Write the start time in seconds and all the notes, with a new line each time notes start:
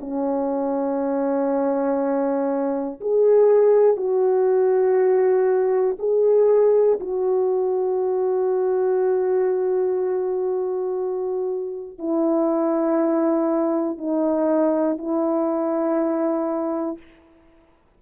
0.00 C#4
3.01 G#4
3.97 F#4
6.00 G#4
7.00 F#4
11.99 E4
13.98 D#4
14.98 E4